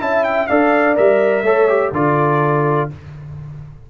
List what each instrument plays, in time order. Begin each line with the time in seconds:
0.00 tuba C#4, trombone E4, horn E5, trumpet A5
0.24 trumpet G5
0.47 tuba D4, trombone A4, horn D5, trumpet F5
0.96 tuba G3, trombone A#4, trumpet E5
1.43 tuba A3, trombone A4, horn C#5
1.69 trombone G4
1.92 tuba D3, trombone F4, horn A4, trumpet D5